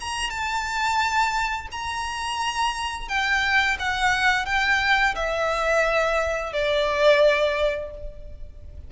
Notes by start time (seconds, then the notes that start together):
0.00 A#5
0.29 A5
1.71 A#5
3.08 G5
3.79 F#5
4.45 G5
5.15 E5
6.53 D5